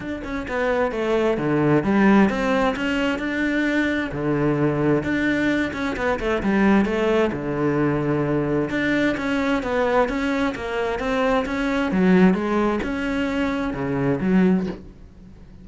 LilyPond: \new Staff \with { instrumentName = "cello" } { \time 4/4 \tempo 4 = 131 d'8 cis'8 b4 a4 d4 | g4 c'4 cis'4 d'4~ | d'4 d2 d'4~ | d'8 cis'8 b8 a8 g4 a4 |
d2. d'4 | cis'4 b4 cis'4 ais4 | c'4 cis'4 fis4 gis4 | cis'2 cis4 fis4 | }